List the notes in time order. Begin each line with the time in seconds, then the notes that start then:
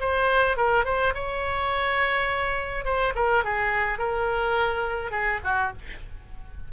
0.00 C5
0.57 A#4
0.85 C5
1.14 C#5
2.85 C5
3.15 A#4
3.44 G#4
3.98 A#4
5.11 G#4
5.44 F#4